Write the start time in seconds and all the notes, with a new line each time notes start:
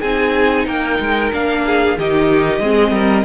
0.00 C4 D#4 G#4 G#5
0.66 A#3 A#4 G5
0.99 G#3
1.32 A#3 D4 F5
1.66 G#4
1.98 D#3 D#4 G4 D#5
2.59 G#3 C4 G#4
2.91 G3 A#4